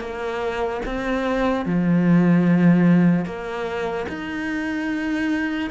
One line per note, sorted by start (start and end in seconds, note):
0.00 0.81 A#3
0.86 1.66 C4
1.66 3.26 F3
3.26 4.07 A#3
4.09 5.71 D#4